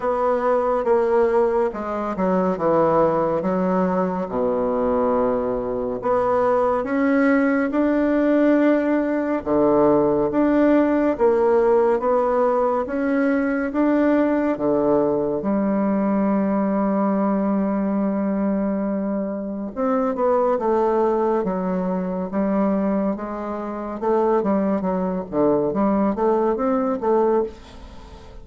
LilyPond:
\new Staff \with { instrumentName = "bassoon" } { \time 4/4 \tempo 4 = 70 b4 ais4 gis8 fis8 e4 | fis4 b,2 b4 | cis'4 d'2 d4 | d'4 ais4 b4 cis'4 |
d'4 d4 g2~ | g2. c'8 b8 | a4 fis4 g4 gis4 | a8 g8 fis8 d8 g8 a8 c'8 a8 | }